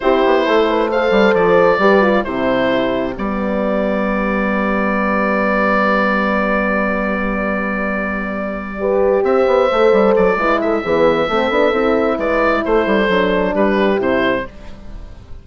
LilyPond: <<
  \new Staff \with { instrumentName = "oboe" } { \time 4/4 \tempo 4 = 133 c''2 f''4 d''4~ | d''4 c''2 d''4~ | d''1~ | d''1~ |
d''1~ | d''8 e''2 d''4 e''8~ | e''2. d''4 | c''2 b'4 c''4 | }
  \new Staff \with { instrumentName = "horn" } { \time 4/4 g'4 a'8 b'8 c''2 | b'4 g'2.~ | g'1~ | g'1~ |
g'2.~ g'8 b'8~ | b'8 c''2~ c''8 b'8 a'8 | gis'4 a'2 b'4 | a'2 g'2 | }
  \new Staff \with { instrumentName = "horn" } { \time 4/4 e'2 a'2 | g'8 f'8 e'2 b4~ | b1~ | b1~ |
b2.~ b8 g'8~ | g'4. a'4. e'4 | b4 c'8 d'8 e'2~ | e'4 d'2 e'4 | }
  \new Staff \with { instrumentName = "bassoon" } { \time 4/4 c'8 b8 a4. g8 f4 | g4 c2 g4~ | g1~ | g1~ |
g1~ | g8 c'8 b8 a8 g8 fis8 gis4 | e4 a8 b8 c'4 gis4 | a8 g8 fis4 g4 c4 | }
>>